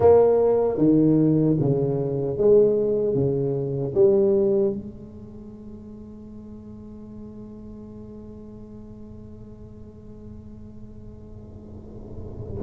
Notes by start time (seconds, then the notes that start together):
0.00 A#3
0.77 D#3
1.60 C#3
2.37 G#3
3.14 C#3
3.94 G3
4.73 G#3